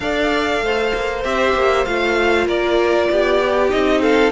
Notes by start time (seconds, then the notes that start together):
0.00 D4 A4 D5 F5
0.61 A3 C5
0.94 A#3
1.24 C4 G4 E5
1.55 A#3
1.85 A3 F4 F5
2.46 A#3 A#4 D5
3.09 B3 G4
3.42 G4
3.69 C4 D#4 D#5
4.01 A4 F5